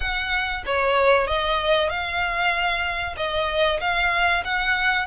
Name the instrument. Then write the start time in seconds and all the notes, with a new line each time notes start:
violin
0.00 F#5
0.66 C#5
1.27 D#5
1.89 F5
3.16 D#5
3.80 F5
4.44 F#5